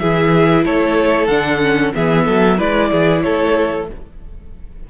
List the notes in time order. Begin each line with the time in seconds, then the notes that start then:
0.00 E3 E4 G#4 E5
0.65 A3 A4 C#5
1.27 D3 D4 F#5
1.61 C#4
1.95 E3 B3 G#4 E5
2.26 F#3 A4
2.58 G#3 E4 B4 D5
2.91 E3 G#4
3.22 A3 A4 C#5